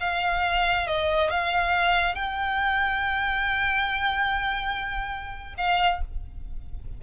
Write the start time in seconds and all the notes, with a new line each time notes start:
0.00 F5
0.87 D#5
1.30 F5
2.15 G5
5.57 F5